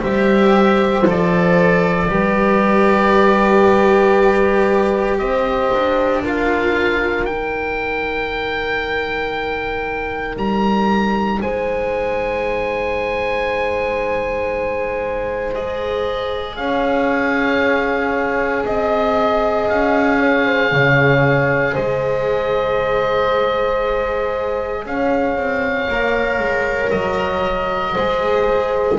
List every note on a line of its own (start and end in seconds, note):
0.00 1.06 G3
0.00 1.03 G4
0.00 2.09 C5
0.00 1.07 E5
1.06 2.09 F3
1.06 2.09 A4
1.06 5.18 D5
2.09 5.19 G3
2.09 6.23 G4
2.09 5.20 B4
5.18 5.71 C4
5.18 6.23 C5
5.18 6.22 D#5
5.74 7.28 D4
6.23 7.26 F4
6.23 11.41 A#4
6.23 7.26 F5
7.26 15.54 D#4
7.26 10.37 D#4
7.26 10.36 G5
10.37 11.41 G3
10.37 11.42 A#5
11.42 16.58 G#3
11.42 16.58 C5
11.42 15.55 G#5
15.55 25.89 G#4
15.55 16.57 D#5
16.57 18.65 C#4
16.57 18.64 C#5
16.57 18.64 F5
18.66 19.69 C4
18.66 19.70 D#5
18.66 20.19 D#5
19.70 20.72 C#4
19.70 21.75 F5
20.19 20.45 C#5
20.46 20.72 C5
20.72 21.76 C#3
20.72 21.74 C#5
21.74 24.86 G#3
21.74 24.84 C5
21.74 24.86 D#5
24.86 25.36 C#4
24.86 27.94 C#5
24.86 26.91 F5
25.36 25.88 C4
25.89 26.40 A#3
25.89 27.96 A#4
26.40 26.91 G#3
26.91 27.97 F#3
26.91 28.98 D#5
27.94 28.99 G#3
27.94 28.99 G#4
27.94 28.97 C5